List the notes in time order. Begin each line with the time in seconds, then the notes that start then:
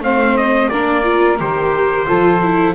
0.00 A3 C4 C5 F5
0.37 D#5
0.69 A#3 D4 A#4 D5
1.04 F4
1.39 D#3 G4 C5
2.07 F3 F4 A4
2.43 E4